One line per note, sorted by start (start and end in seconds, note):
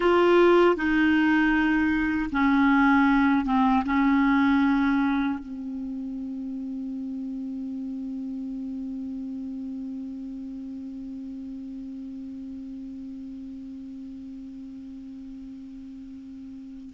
0.00 0.76 F4
0.76 2.29 D#4
2.31 3.45 C#4
3.45 3.83 C4
3.85 5.38 C#4
5.39 16.93 C4